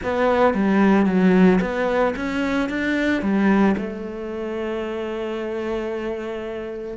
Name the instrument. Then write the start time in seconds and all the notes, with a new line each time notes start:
cello
0.03 B3
0.54 G3
1.06 F#3
1.61 B3
2.16 C#4
2.69 D4
3.22 G3
3.77 A3